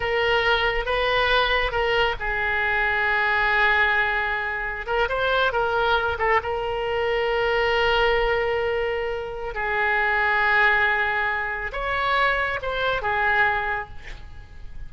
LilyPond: \new Staff \with { instrumentName = "oboe" } { \time 4/4 \tempo 4 = 138 ais'2 b'2 | ais'4 gis'2.~ | gis'2.~ gis'16 ais'8 c''16~ | c''8. ais'4. a'8 ais'4~ ais'16~ |
ais'1~ | ais'2 gis'2~ | gis'2. cis''4~ | cis''4 c''4 gis'2 | }